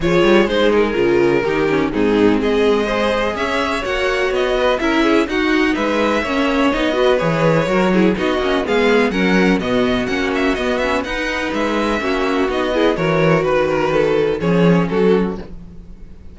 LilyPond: <<
  \new Staff \with { instrumentName = "violin" } { \time 4/4 \tempo 4 = 125 cis''4 c''8 ais'2~ ais'8 | gis'4 dis''2 e''4 | fis''4 dis''4 e''4 fis''4 | e''2 dis''4 cis''4~ |
cis''4 dis''4 f''4 fis''4 | dis''4 fis''8 e''8 dis''8 e''8 fis''4 | e''2 dis''4 cis''4 | b'2 cis''4 a'4 | }
  \new Staff \with { instrumentName = "violin" } { \time 4/4 gis'2. g'4 | dis'4 gis'4 c''4 cis''4~ | cis''4. b'8 ais'8 gis'8 fis'4 | b'4 cis''4. b'4. |
ais'8 gis'8 fis'4 gis'4 ais'4 | fis'2. b'4~ | b'4 fis'4. gis'8 ais'4 | b'8 ais'8 a'4 gis'4 fis'4 | }
  \new Staff \with { instrumentName = "viola" } { \time 4/4 f'4 dis'4 f'4 dis'8 cis'8 | c'2 gis'2 | fis'2 e'4 dis'4~ | dis'4 cis'4 dis'8 fis'8 gis'4 |
fis'8 e'8 dis'8 cis'8 b4 cis'4 | b4 cis'4 b8 cis'8 dis'4~ | dis'4 cis'4 dis'8 e'8 fis'4~ | fis'2 cis'2 | }
  \new Staff \with { instrumentName = "cello" } { \time 4/4 f8 g8 gis4 cis4 dis4 | gis,4 gis2 cis'4 | ais4 b4 cis'4 dis'4 | gis4 ais4 b4 e4 |
fis4 b8 ais8 gis4 fis4 | b,4 ais4 b4 dis'4 | gis4 ais4 b4 e4 | dis2 f4 fis4 | }
>>